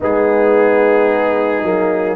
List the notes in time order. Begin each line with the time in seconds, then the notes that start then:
0.00 G#3 B3 D#4 G#4
1.62 F#3 A#3